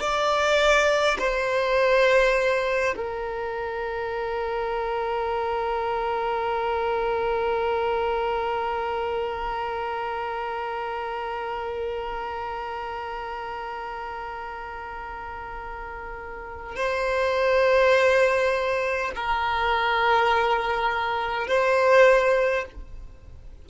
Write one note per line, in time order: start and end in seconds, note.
0.00 1.18 D5
1.19 2.95 C5
2.96 16.76 A#4
16.76 19.11 C5
19.16 21.48 A#4
21.48 22.65 C5